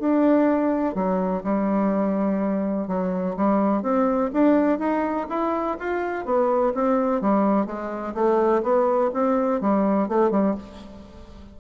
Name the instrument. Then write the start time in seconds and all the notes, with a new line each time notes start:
bassoon
0.00 D4
0.95 F#3
1.44 G3
2.88 F#3
3.37 G3
3.83 C4
4.34 D4
4.79 D#4
5.30 E4
5.79 F4
6.26 B3
6.75 C4
7.22 G3
7.66 G#3
8.15 A3
8.63 B3
9.14 C4
9.61 G3
10.09 A3
10.31 G3